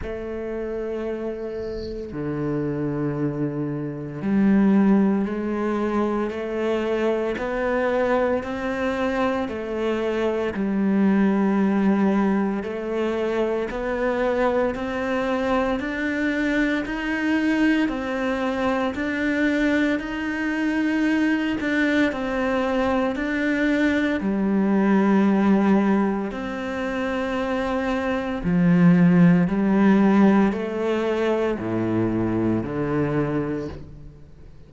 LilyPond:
\new Staff \with { instrumentName = "cello" } { \time 4/4 \tempo 4 = 57 a2 d2 | g4 gis4 a4 b4 | c'4 a4 g2 | a4 b4 c'4 d'4 |
dis'4 c'4 d'4 dis'4~ | dis'8 d'8 c'4 d'4 g4~ | g4 c'2 f4 | g4 a4 a,4 d4 | }